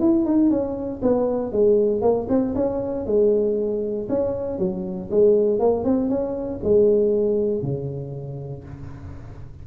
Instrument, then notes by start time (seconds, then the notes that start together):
tuba
0.00 E4
0.25 D#4
0.50 C#4
1.02 B3
1.52 G#3
2.02 A#3
2.29 C4
2.55 C#4
3.06 G#3
4.09 C#4
4.59 F#3
5.11 G#3
5.60 A#3
5.84 C4
6.09 C#4
6.64 G#3
7.62 C#3